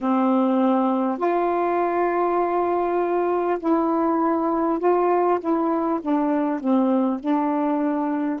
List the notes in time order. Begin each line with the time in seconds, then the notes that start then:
0.00 C4
1.18 F4
3.59 E4
4.79 F4
5.39 E4
6.01 D4
6.59 C4
7.20 D4